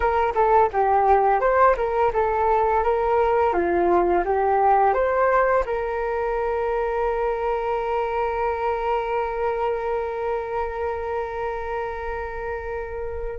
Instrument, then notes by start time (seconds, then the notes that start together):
flute
0.00 A#4
0.34 A4
0.73 G4
1.40 C5
1.76 A#4
2.13 A4
2.83 A#4
3.53 F4
4.24 G4
4.93 C5
5.65 A#4